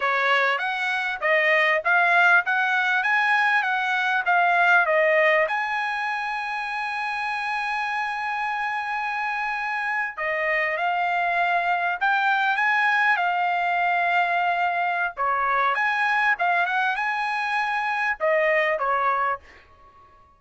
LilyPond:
\new Staff \with { instrumentName = "trumpet" } { \time 4/4 \tempo 4 = 99 cis''4 fis''4 dis''4 f''4 | fis''4 gis''4 fis''4 f''4 | dis''4 gis''2.~ | gis''1~ |
gis''8. dis''4 f''2 g''16~ | g''8. gis''4 f''2~ f''16~ | f''4 cis''4 gis''4 f''8 fis''8 | gis''2 dis''4 cis''4 | }